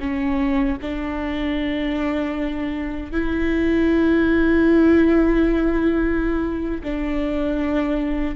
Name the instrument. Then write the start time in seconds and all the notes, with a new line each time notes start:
viola
0.00 C#4
0.82 D4
3.12 E4
6.84 D4